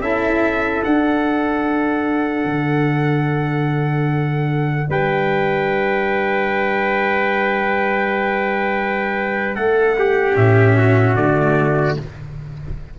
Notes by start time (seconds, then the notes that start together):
0.00 C#4 E4 A4 E5
0.84 D4 F#5
2.44 D3
4.89 G3 B4 G5
9.55 A3 A4 F#5
9.98 G4
10.35 A2 C#4 E5
10.77 F#4
11.15 D3 A3 D5